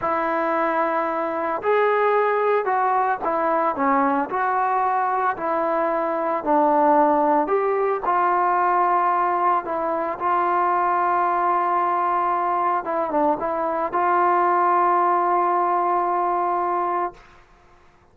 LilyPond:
\new Staff \with { instrumentName = "trombone" } { \time 4/4 \tempo 4 = 112 e'2. gis'4~ | gis'4 fis'4 e'4 cis'4 | fis'2 e'2 | d'2 g'4 f'4~ |
f'2 e'4 f'4~ | f'1 | e'8 d'8 e'4 f'2~ | f'1 | }